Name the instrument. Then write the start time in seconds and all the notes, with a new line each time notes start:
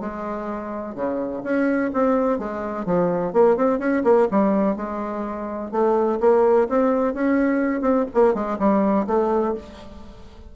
bassoon
0.00 G#3
0.95 C#3
1.43 C#4
1.93 C4
2.38 G#3
2.85 F3
3.32 A#3
3.56 C4
3.79 C#4
4.03 A#3
4.31 G3
4.76 G#3
5.71 A3
6.20 A#3
6.68 C4
7.13 C#4
7.81 C4
8.14 A#3
8.34 G#3
8.59 G3
9.07 A3